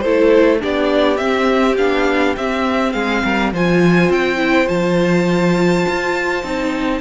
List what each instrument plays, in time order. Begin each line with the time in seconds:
0.00 cello A3, viola E4, violin A4 C5
0.60 cello B3, viola D4, violin G4 D5
1.17 viola C4, cello C4, violin E5
1.77 cello B3, viola D4, violin F5
2.37 cello C4, viola C4, violin E5
2.92 cello G#3, violin G#4 F5
3.24 cello G3, violin A#4
3.53 cello F3, viola F4, violin C5 G#5
4.10 cello C4, violin G5
4.37 viola E4
4.66 cello F3, viola F4, violin A5
5.88 cello F4
6.43 cello C4, viola D#4